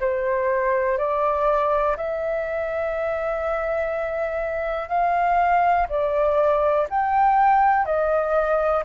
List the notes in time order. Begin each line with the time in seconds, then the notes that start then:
0.00 C5
0.98 D5
1.96 E5
4.89 F5
5.89 D5
6.90 G5
7.85 D#5